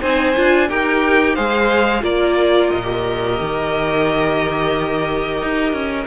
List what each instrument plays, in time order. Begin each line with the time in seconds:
0.00 cello C4, viola D#4, violin C5 G#5
0.35 cello D4, viola F4
0.69 cello D#4, viola G4, violin A#4 G5
1.34 cello G#3, viola G#4, violin C5 F5
2.01 cello A#3, viola F4, violin A#4 D5
2.70 cello A#2, violin D#5
2.82 viola G4
3.39 cello D#3
5.41 cello D#4
5.72 cello C#4